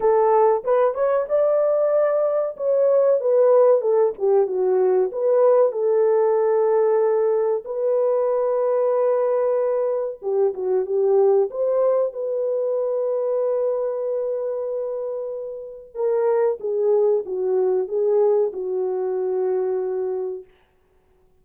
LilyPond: \new Staff \with { instrumentName = "horn" } { \time 4/4 \tempo 4 = 94 a'4 b'8 cis''8 d''2 | cis''4 b'4 a'8 g'8 fis'4 | b'4 a'2. | b'1 |
g'8 fis'8 g'4 c''4 b'4~ | b'1~ | b'4 ais'4 gis'4 fis'4 | gis'4 fis'2. | }